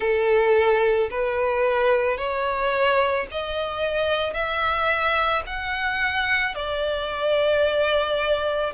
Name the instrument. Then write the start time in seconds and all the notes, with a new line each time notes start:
violin
0.00 A4
1.10 B4
2.17 C#5
3.31 D#5
4.33 E5
5.46 F#5
6.55 D5